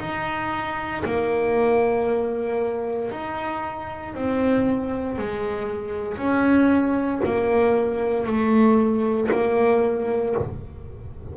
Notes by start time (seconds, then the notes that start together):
0.00 D#4
1.05 A#3
3.11 D#4
4.15 C4
5.18 G#3
6.18 C#4
7.25 A#3
8.27 A3
9.32 A#3